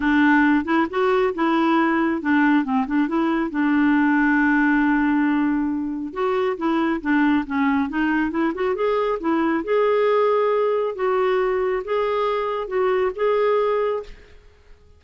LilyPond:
\new Staff \with { instrumentName = "clarinet" } { \time 4/4 \tempo 4 = 137 d'4. e'8 fis'4 e'4~ | e'4 d'4 c'8 d'8 e'4 | d'1~ | d'2 fis'4 e'4 |
d'4 cis'4 dis'4 e'8 fis'8 | gis'4 e'4 gis'2~ | gis'4 fis'2 gis'4~ | gis'4 fis'4 gis'2 | }